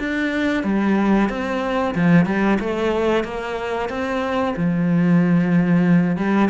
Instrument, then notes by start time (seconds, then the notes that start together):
cello
0.00 D4
0.64 G3
1.30 C4
1.95 F3
2.26 G3
2.60 A3
3.25 A#3
3.90 C4
4.57 F3
6.17 G3